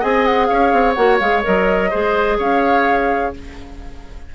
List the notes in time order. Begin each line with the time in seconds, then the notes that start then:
0.00 C4 G#4 D#5 G#5
0.26 F#5
0.47 C#4 C#5 F5
0.73 C4
0.94 A#3 F#4 F#5
1.20 G#3 G#4 F5
1.43 F#3 A#4 D#5
1.91 G#3 G#4 C5
2.38 C#4 C#5 F5